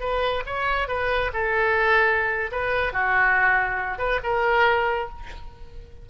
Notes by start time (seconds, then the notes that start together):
0.00 B4
0.46 C#5
0.88 B4
1.33 A4
2.51 B4
2.93 F#4
3.98 B4
4.23 A#4